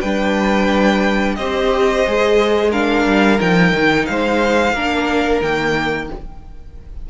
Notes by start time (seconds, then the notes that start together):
0.00 G3 D4 B4 G5
1.35 C4 G4 C5 D#5
2.07 G#3 G#4
2.70 D4 A#4 F5
3.05 G3
3.38 F3 D#4 G5
3.73 D#3
4.06 G#3 C5 F5
4.73 A#3 D4 A#4
5.42 D#3 A#3 G5